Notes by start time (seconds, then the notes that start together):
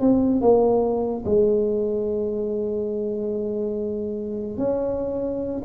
0.00 C4
0.41 A#3
1.25 G#3
4.57 C#4